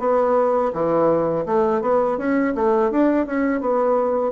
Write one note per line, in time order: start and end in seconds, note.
0.00 0.72 B3
0.73 1.46 E3
1.46 1.82 A3
1.82 2.18 B3
2.18 2.54 C#4
2.55 2.91 A3
2.91 3.26 D4
3.26 3.61 C#4
3.61 4.32 B3